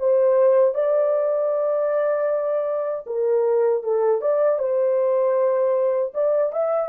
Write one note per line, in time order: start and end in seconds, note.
0.00 0.75 C5
0.75 3.06 D5
3.07 3.84 A#4
3.84 4.22 A4
4.22 4.59 D5
4.59 6.13 C5
6.15 6.53 D5
6.53 6.90 E5